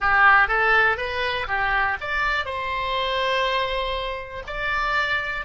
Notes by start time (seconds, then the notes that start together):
0.00 G4
0.48 A4
0.97 B4
1.47 G4
2.00 D5
2.45 C5
4.46 D5